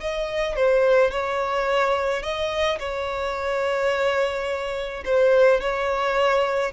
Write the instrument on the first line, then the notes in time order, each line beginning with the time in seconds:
violin
0.00 D#5
0.55 C5
1.11 C#5
2.23 D#5
2.79 C#5
5.05 C5
5.60 C#5